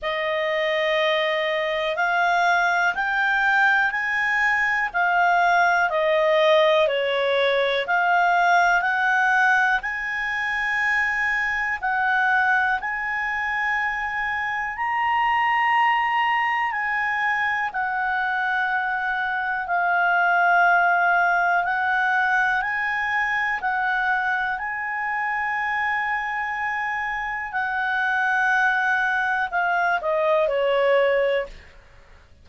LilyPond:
\new Staff \with { instrumentName = "clarinet" } { \time 4/4 \tempo 4 = 61 dis''2 f''4 g''4 | gis''4 f''4 dis''4 cis''4 | f''4 fis''4 gis''2 | fis''4 gis''2 ais''4~ |
ais''4 gis''4 fis''2 | f''2 fis''4 gis''4 | fis''4 gis''2. | fis''2 f''8 dis''8 cis''4 | }